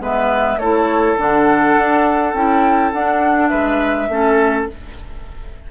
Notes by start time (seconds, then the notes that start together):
0.00 G#3 B3 B4 E5
0.57 A3 E4 A4 C#5
1.18 D3 D4 F#5
1.78 D4
2.34 C#4 E4 G5
2.92 D4 F#5
3.48 G#3 B4 E5
4.09 A3 C#4 A4